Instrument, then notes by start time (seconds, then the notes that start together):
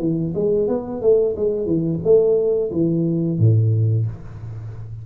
tuba
0.00 E3
0.35 G#3
0.68 B3
1.02 A3
1.37 G#3
1.66 E3
2.04 A3
2.72 E3
3.39 A2